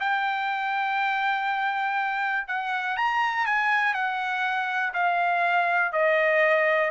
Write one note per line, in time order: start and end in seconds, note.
0.00 2.47 G5
2.47 2.97 F#5
2.97 3.46 A#5
3.46 3.94 G#5
3.94 4.93 F#5
4.93 5.92 F5
5.92 6.91 D#5